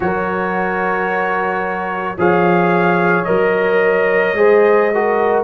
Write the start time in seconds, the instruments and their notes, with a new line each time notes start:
0.00 tuba F#3, trombone F#4, horn A#4, trumpet C#5
2.17 tuba F3, trombone G#4, horn C#5, trumpet F5
3.24 tuba F#3, trombone A#4, trumpet D#5
4.33 tuba G#3, trombone G#4, horn C5
4.93 trombone F#4, horn A#4